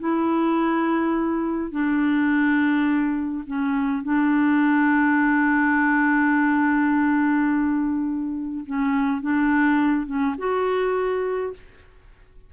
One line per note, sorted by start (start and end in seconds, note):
0.00 1.72 E4
1.72 3.45 D4
3.47 4.04 C#4
4.04 8.65 D4
8.66 9.22 C#4
9.22 10.07 D4
10.07 10.36 C#4
10.38 11.54 F#4